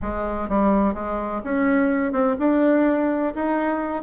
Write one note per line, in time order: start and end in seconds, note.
0.02 0.48 G#3
0.48 0.94 G3
0.94 1.41 G#3
1.44 2.12 C#4
2.12 2.36 C4
2.38 3.34 D4
3.34 4.03 D#4